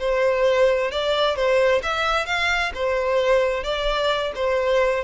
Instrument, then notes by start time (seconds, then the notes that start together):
violin
0.00 C5
0.92 D5
1.36 C5
1.83 E5
2.26 F5
2.75 C5
3.64 D5
4.36 C5